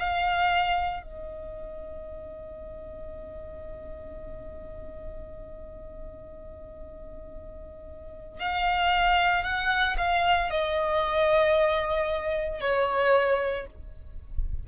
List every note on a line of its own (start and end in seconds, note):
0.00 1.03 F5
1.03 8.40 D#5
8.40 9.44 F5
9.44 9.96 F#5
9.98 10.50 F5
10.50 12.61 D#5
12.61 13.66 C#5